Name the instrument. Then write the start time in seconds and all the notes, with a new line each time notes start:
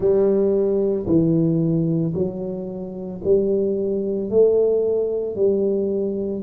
tuba
0.00 G3
1.06 E3
2.14 F#3
3.24 G3
4.30 A3
5.35 G3